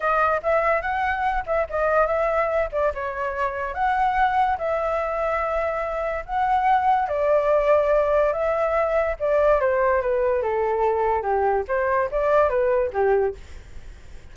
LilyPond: \new Staff \with { instrumentName = "flute" } { \time 4/4 \tempo 4 = 144 dis''4 e''4 fis''4. e''8 | dis''4 e''4. d''8 cis''4~ | cis''4 fis''2 e''4~ | e''2. fis''4~ |
fis''4 d''2. | e''2 d''4 c''4 | b'4 a'2 g'4 | c''4 d''4 b'4 g'4 | }